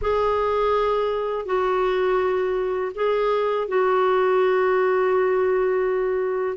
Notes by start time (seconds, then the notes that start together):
0.01 G#4
1.45 F#4
2.95 G#4
3.68 F#4